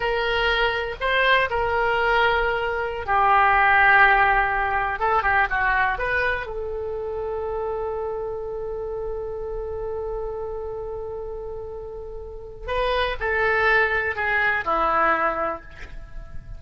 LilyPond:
\new Staff \with { instrumentName = "oboe" } { \time 4/4 \tempo 4 = 123 ais'2 c''4 ais'4~ | ais'2~ ais'16 g'4.~ g'16~ | g'2~ g'16 a'8 g'8 fis'8.~ | fis'16 b'4 a'2~ a'8.~ |
a'1~ | a'1~ | a'2 b'4 a'4~ | a'4 gis'4 e'2 | }